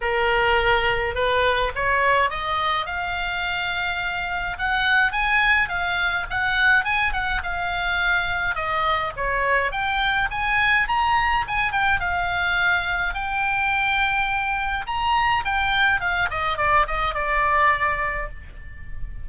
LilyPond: \new Staff \with { instrumentName = "oboe" } { \time 4/4 \tempo 4 = 105 ais'2 b'4 cis''4 | dis''4 f''2. | fis''4 gis''4 f''4 fis''4 | gis''8 fis''8 f''2 dis''4 |
cis''4 g''4 gis''4 ais''4 | gis''8 g''8 f''2 g''4~ | g''2 ais''4 g''4 | f''8 dis''8 d''8 dis''8 d''2 | }